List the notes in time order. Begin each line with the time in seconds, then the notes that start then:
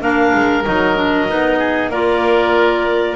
0.00 A#3 D4 A#4 F5
0.34 G#3
0.64 F#3 D#4 D#5
0.95 D4
1.27 B3 D#4
1.59 G#4
1.89 A#3 F4 A#4 D5